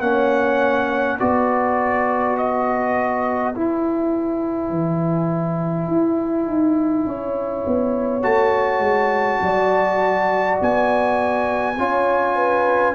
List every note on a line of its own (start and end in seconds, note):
0.00 1.18 A#3
0.00 1.19 C#4
0.00 1.19 C#5
0.00 1.19 F#5
1.19 3.56 B3
1.19 3.55 F#4
1.19 7.07 B4
1.19 2.37 D5
2.38 3.55 D#5
3.55 8.23 E4
3.55 4.70 E4
3.55 8.24 G#5
4.70 5.88 E3
5.88 6.47 E4
6.47 7.06 D#4
7.06 7.65 C#4
7.06 9.42 C#5
7.67 8.24 B3
8.23 8.79 A3
8.23 11.75 F#4
8.23 10.59 A5
8.79 9.38 G#3
9.42 10.60 F#3
9.42 11.79 D5
10.62 11.78 B3
10.62 12.95 G#5
11.78 12.95 C#4
11.78 12.95 F4
11.78 12.36 C#5
12.36 12.95 B4